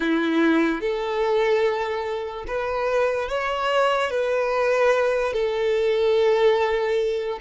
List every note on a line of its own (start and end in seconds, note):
0.00 0.80 E4
0.80 2.45 A4
2.47 3.29 B4
3.29 4.10 C#5
4.10 5.33 B4
5.33 7.38 A4